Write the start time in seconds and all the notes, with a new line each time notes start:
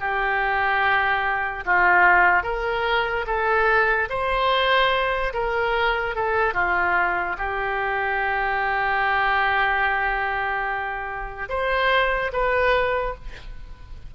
0.00 G4
1.65 F4
2.43 A#4
3.27 A4
4.09 C5
5.33 A#4
6.15 A4
6.54 F4
7.38 G4
11.49 C5
12.33 B4